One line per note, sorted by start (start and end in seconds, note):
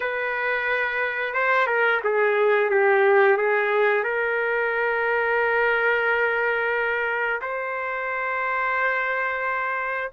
0.00 1.34 B4
1.34 1.66 C5
1.66 2.00 A#4
2.04 2.70 G#4
2.70 3.37 G4
3.37 4.03 G#4
4.03 7.40 A#4
7.41 10.11 C5